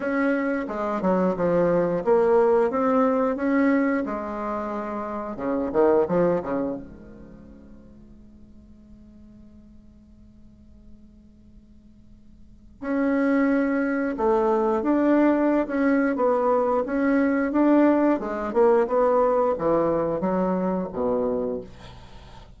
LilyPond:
\new Staff \with { instrumentName = "bassoon" } { \time 4/4 \tempo 4 = 89 cis'4 gis8 fis8 f4 ais4 | c'4 cis'4 gis2 | cis8 dis8 f8 cis8 gis2~ | gis1~ |
gis2. cis'4~ | cis'4 a4 d'4~ d'16 cis'8. | b4 cis'4 d'4 gis8 ais8 | b4 e4 fis4 b,4 | }